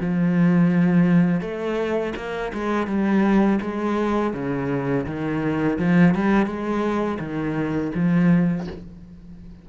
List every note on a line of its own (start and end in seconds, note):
0.00 1.41 F3
1.41 2.13 A3
2.16 2.52 A#3
2.53 2.87 G#3
2.87 3.59 G3
3.61 4.33 G#3
4.33 5.06 C#3
5.06 5.78 D#3
5.79 6.14 F3
6.14 6.46 G3
6.46 7.18 G#3
7.19 7.91 D#3
7.94 8.66 F3